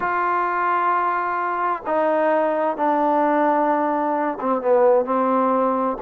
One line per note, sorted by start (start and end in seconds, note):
0.00 1.83 F4
1.86 2.77 D#4
2.77 4.38 D4
4.40 4.61 C4
4.61 5.05 B3
5.05 5.97 C4